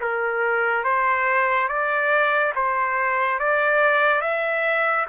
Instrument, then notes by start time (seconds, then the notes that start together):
trumpet
0.00 A#4
0.84 C5
1.68 D5
2.55 C5
3.39 D5
4.21 E5